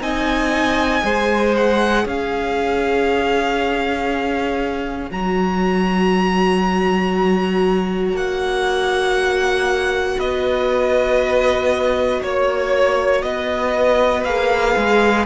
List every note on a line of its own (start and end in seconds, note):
0.00 1.02 C4
0.00 1.02 D#4
0.00 1.04 D#5
0.00 1.55 G#5
1.02 2.05 G#3
1.02 5.08 G#4
1.02 2.04 C5
1.57 2.07 F#5
2.04 5.11 C#4
2.04 10.17 C#5
2.04 5.11 F5
5.11 8.13 F#3
5.11 14.26 F#4
5.11 8.17 A#5
8.13 10.17 A#3
8.13 10.19 F#5
10.18 12.21 B3
10.18 12.21 B4
10.18 12.23 D#5
12.22 13.23 A#3
12.22 13.23 C#5
12.22 13.22 C#5
13.22 14.25 B3
13.22 15.25 B4
13.22 14.24 D#5
14.24 14.75 A#3
14.24 15.25 G#4
14.24 15.25 F5
14.76 15.25 G#3